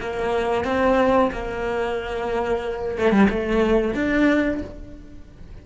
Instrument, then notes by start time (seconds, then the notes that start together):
cello
0.00 A#3
0.64 C4
1.32 A#3
2.98 A3
3.11 G3
3.29 A3
3.94 D4